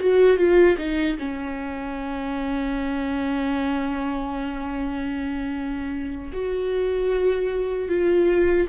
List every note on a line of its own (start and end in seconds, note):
0.00 0.37 F#4
0.37 0.77 F4
0.78 1.18 D#4
1.19 6.32 C#4
6.33 7.89 F#4
7.89 8.68 F4